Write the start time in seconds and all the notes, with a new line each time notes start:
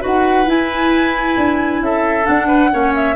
0.00 D#4 F#4 B4 F#5
0.46 E4 G#5
1.37 D4
1.81 C#4 A4 E5
2.24 D4 F#5
2.47 B4
2.71 A#3 C#4 C#5
2.95 E5